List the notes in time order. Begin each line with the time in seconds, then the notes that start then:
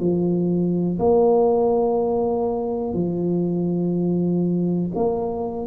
0.00 F3
0.99 A#3
2.94 F3
4.95 A#3